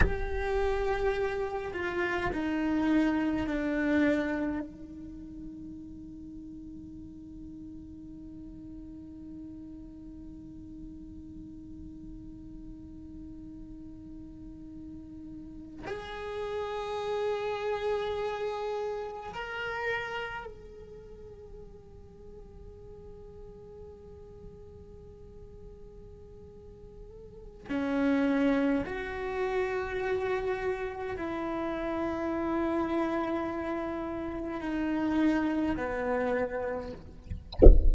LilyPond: \new Staff \with { instrumentName = "cello" } { \time 4/4 \tempo 4 = 52 g'4. f'8 dis'4 d'4 | dis'1~ | dis'1~ | dis'4.~ dis'16 gis'2~ gis'16~ |
gis'8. ais'4 gis'2~ gis'16~ | gis'1 | cis'4 fis'2 e'4~ | e'2 dis'4 b4 | }